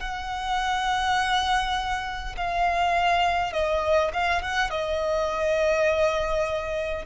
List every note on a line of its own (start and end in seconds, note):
0.00 2.35 F#5
2.37 3.52 F5
3.52 4.11 D#5
4.13 4.42 F5
4.42 4.70 F#5
4.70 7.05 D#5